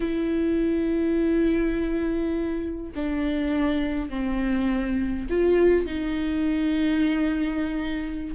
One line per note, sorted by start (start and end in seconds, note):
0.00 2.92 E4
2.95 4.09 D4
4.09 5.27 C4
5.29 5.85 F4
5.85 8.35 D#4